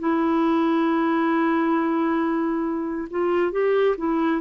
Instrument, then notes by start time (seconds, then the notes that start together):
clarinet
0.00 E4
3.11 F4
3.52 G4
3.98 E4